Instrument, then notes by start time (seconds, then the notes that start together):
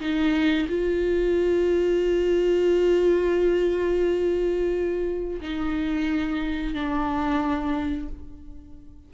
viola
0.00 D#4
0.69 F4
5.41 D#4
6.74 D4